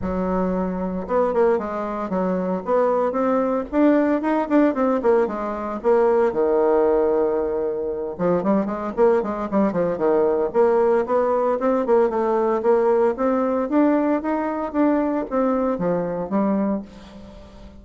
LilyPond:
\new Staff \with { instrumentName = "bassoon" } { \time 4/4 \tempo 4 = 114 fis2 b8 ais8 gis4 | fis4 b4 c'4 d'4 | dis'8 d'8 c'8 ais8 gis4 ais4 | dis2.~ dis8 f8 |
g8 gis8 ais8 gis8 g8 f8 dis4 | ais4 b4 c'8 ais8 a4 | ais4 c'4 d'4 dis'4 | d'4 c'4 f4 g4 | }